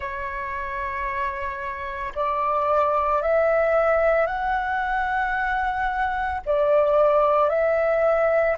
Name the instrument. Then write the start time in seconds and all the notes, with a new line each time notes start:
flute
0.00 C#5
2.15 D5
3.21 E5
4.26 F#5
6.45 D5
7.49 E5